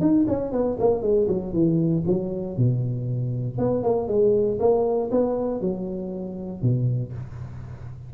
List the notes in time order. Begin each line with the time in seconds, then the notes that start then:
0.00 D#4
0.27 C#4
0.52 B3
0.79 A#3
1.02 G#3
1.28 F#3
1.53 E3
2.07 F#3
2.57 B2
3.58 B3
3.83 A#3
4.08 G#3
4.59 A#3
5.11 B3
5.61 F#3
6.62 B2